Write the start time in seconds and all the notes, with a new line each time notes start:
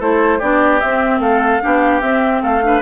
0.00 A3 E4 A4 C5
0.39 B3 D4 G4 D5
0.80 C4 E5
1.20 A3 A4 F5
1.61 B3 D4 G4
2.01 C4 E5
2.42 A3 A4 F5
2.62 D4 B4